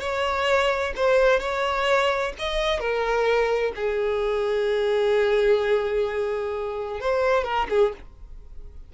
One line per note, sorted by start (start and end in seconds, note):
0.00 0.93 C#5
0.96 1.40 C5
1.40 2.33 C#5
2.39 2.79 D#5
2.79 3.73 A#4
3.76 7.00 G#4
7.00 7.44 C5
7.44 7.67 A#4
7.70 7.93 G#4